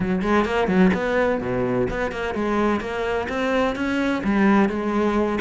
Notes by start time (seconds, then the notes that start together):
0.00 F#3
0.22 G#3
0.45 A#3
0.67 F#3
0.93 B3
1.41 B2
1.90 B3
2.11 A#3
2.34 G#3
2.80 A#3
3.28 C4
3.75 C#4
4.23 G3
4.69 G#3